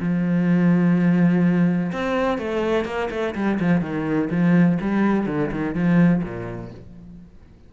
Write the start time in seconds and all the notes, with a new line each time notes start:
0.00 F3
1.92 C4
2.38 A3
2.85 A#3
3.11 A3
3.35 G3
3.60 F3
3.81 D#3
4.30 F3
4.81 G3
5.27 D3
5.51 D#3
5.75 F3
6.23 A#2